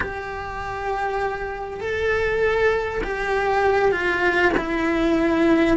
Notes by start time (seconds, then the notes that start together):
0.00 G4
1.80 A4
3.03 G4
3.91 F4
4.57 E4